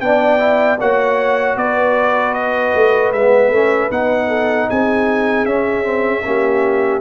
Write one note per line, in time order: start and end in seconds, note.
0.00 0.78 B3
0.00 0.39 D4
0.00 0.79 D5
0.00 0.78 G5
0.39 0.78 E4
0.79 1.56 A#3
0.79 3.14 F#4
0.79 1.57 C#5
0.79 1.57 F#5
1.56 2.73 B3
1.56 4.28 B4
1.56 2.34 D5
2.34 3.12 D#5
2.75 3.12 A3
3.12 3.50 G#3
3.12 3.53 B3
3.12 3.91 E5
3.50 3.89 A3
3.50 3.91 C#4
3.90 4.68 B3
3.90 5.46 D#4
3.90 4.69 F#5
4.28 4.67 A4
4.70 5.45 C4
4.70 6.25 G#4
4.70 5.45 G#5
5.45 6.23 C#4
5.45 5.83 C#4
5.45 7.01 E5
5.83 6.22 C4
6.24 7.01 A#3
6.24 7.01 C#4
6.24 7.01 G4